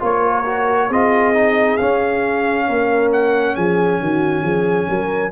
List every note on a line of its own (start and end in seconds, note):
0.00 0.90 A#3
0.00 0.44 F4
0.00 0.92 C#5
0.07 0.89 A#4
0.45 0.89 F#4
0.89 1.78 C4
0.89 1.34 F4
0.89 2.65 G#4
0.89 1.77 D#5
1.34 1.78 D#4
1.77 5.32 C#4
1.77 2.69 C#4
1.77 3.09 F5
2.67 3.57 A#3
2.67 3.56 A#4
3.13 3.55 F#5
3.55 4.01 F3
3.55 4.00 G#4
3.55 5.32 G#5
4.00 4.43 D#3
4.00 4.43 F#4
4.43 4.87 F3
4.43 4.87 G#4
4.87 5.32 F#3
4.87 5.31 A#4